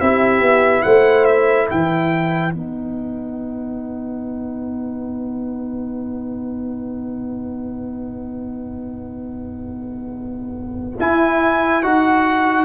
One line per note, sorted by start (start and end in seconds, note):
0.00 0.41 C4
0.00 2.52 E4
0.00 0.85 G4
0.00 0.82 E5
0.41 0.83 B3
0.82 1.70 A3
0.82 1.69 C5
0.82 1.25 F#5
1.25 1.67 E5
1.69 2.54 E3
1.69 12.65 B4
1.69 2.54 G5
2.52 10.99 B3
2.52 10.97 D#4
2.52 10.99 F#5
10.99 11.83 E4
10.99 11.84 E4
10.99 11.83 G#5
11.83 12.65 D#4
11.83 12.65 F#4
11.83 12.65 F#5